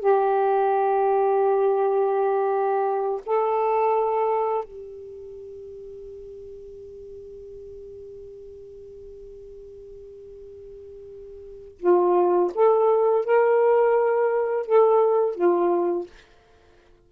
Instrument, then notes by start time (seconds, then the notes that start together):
saxophone
0.00 G4
3.27 A4
4.64 G4
11.80 F4
12.55 A4
13.25 A#4
14.67 A4
15.35 F4